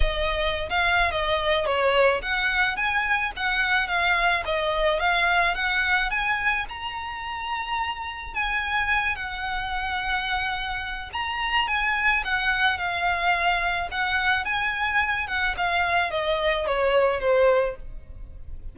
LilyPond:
\new Staff \with { instrumentName = "violin" } { \time 4/4 \tempo 4 = 108 dis''4~ dis''16 f''8. dis''4 cis''4 | fis''4 gis''4 fis''4 f''4 | dis''4 f''4 fis''4 gis''4 | ais''2. gis''4~ |
gis''8 fis''2.~ fis''8 | ais''4 gis''4 fis''4 f''4~ | f''4 fis''4 gis''4. fis''8 | f''4 dis''4 cis''4 c''4 | }